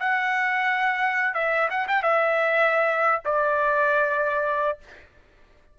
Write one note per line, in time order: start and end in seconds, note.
0.00 1.35 F#5
1.35 1.69 E5
1.70 1.87 F#5
1.88 2.03 G5
2.03 3.22 E5
3.25 4.79 D5